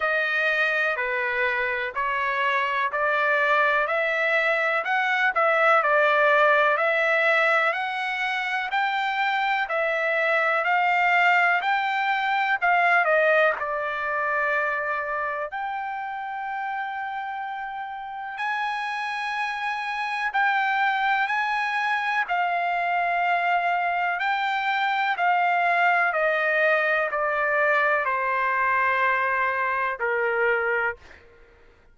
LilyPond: \new Staff \with { instrumentName = "trumpet" } { \time 4/4 \tempo 4 = 62 dis''4 b'4 cis''4 d''4 | e''4 fis''8 e''8 d''4 e''4 | fis''4 g''4 e''4 f''4 | g''4 f''8 dis''8 d''2 |
g''2. gis''4~ | gis''4 g''4 gis''4 f''4~ | f''4 g''4 f''4 dis''4 | d''4 c''2 ais'4 | }